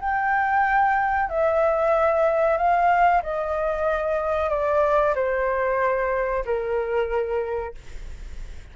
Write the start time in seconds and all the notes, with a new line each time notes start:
0.00 G5
1.29 E5
2.57 F5
3.22 D#5
4.49 D5
5.15 C5
6.45 A#4